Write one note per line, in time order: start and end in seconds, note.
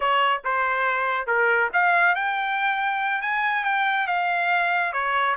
0.00 0.42 C#5
0.44 1.26 C5
1.26 1.69 A#4
1.73 2.15 F5
2.15 3.21 G5
3.21 3.64 G#5
3.64 4.07 G5
4.07 4.92 F5
4.92 5.35 C#5